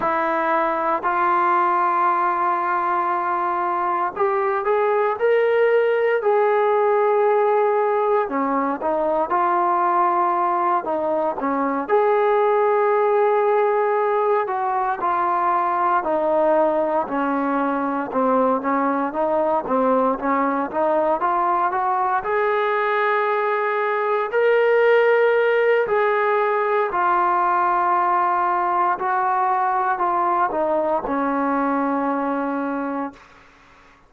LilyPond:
\new Staff \with { instrumentName = "trombone" } { \time 4/4 \tempo 4 = 58 e'4 f'2. | g'8 gis'8 ais'4 gis'2 | cis'8 dis'8 f'4. dis'8 cis'8 gis'8~ | gis'2 fis'8 f'4 dis'8~ |
dis'8 cis'4 c'8 cis'8 dis'8 c'8 cis'8 | dis'8 f'8 fis'8 gis'2 ais'8~ | ais'4 gis'4 f'2 | fis'4 f'8 dis'8 cis'2 | }